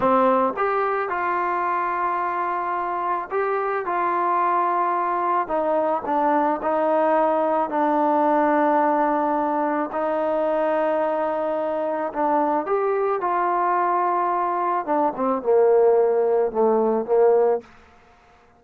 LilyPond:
\new Staff \with { instrumentName = "trombone" } { \time 4/4 \tempo 4 = 109 c'4 g'4 f'2~ | f'2 g'4 f'4~ | f'2 dis'4 d'4 | dis'2 d'2~ |
d'2 dis'2~ | dis'2 d'4 g'4 | f'2. d'8 c'8 | ais2 a4 ais4 | }